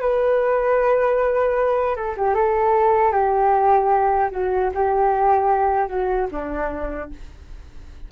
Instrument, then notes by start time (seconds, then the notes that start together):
flute
0.00 B4
1.96 A4
2.17 G4
2.34 A4
3.12 G4
4.30 F#4
4.74 G4
5.87 F#4
6.31 D4